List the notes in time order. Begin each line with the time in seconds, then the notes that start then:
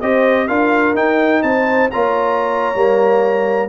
0.00 C4 G4 C5 D#5
0.47 D4 F4 A#4 F5
0.94 D#4 G5
1.42 C4 C5 A5
1.90 A#3 F4 C#5 A#5
2.74 G3 A#3